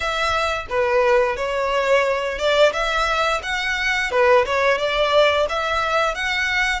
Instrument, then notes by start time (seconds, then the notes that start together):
violin
0.00 E5
0.69 B4
1.36 C#5
2.38 D5
2.72 E5
3.42 F#5
4.11 B4
4.45 C#5
4.78 D5
5.49 E5
6.15 F#5